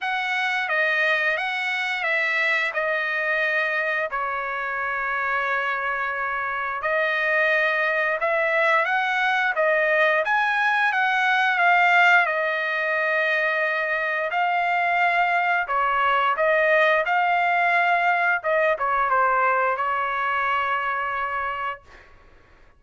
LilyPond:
\new Staff \with { instrumentName = "trumpet" } { \time 4/4 \tempo 4 = 88 fis''4 dis''4 fis''4 e''4 | dis''2 cis''2~ | cis''2 dis''2 | e''4 fis''4 dis''4 gis''4 |
fis''4 f''4 dis''2~ | dis''4 f''2 cis''4 | dis''4 f''2 dis''8 cis''8 | c''4 cis''2. | }